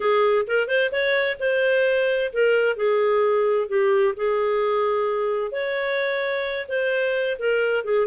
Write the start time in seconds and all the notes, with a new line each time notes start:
0.00 G#4
0.47 A#4
0.67 C5
0.91 C#5
1.39 C5
2.32 A#4
2.76 G#4
3.68 G4
4.16 G#4
5.51 C#5
6.68 C5
7.38 A#4
7.84 G#4